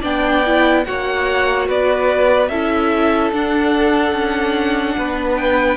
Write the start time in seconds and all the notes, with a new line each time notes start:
0.00 B3 D4 D5 G5
0.46 E4
0.85 A#3 F#4 C#5 F#5
1.68 B3 B4 D5
2.48 C#4 E4 A4 E5
3.33 D4 F#5
4.12 C#4
4.98 B3 B4
5.36 G5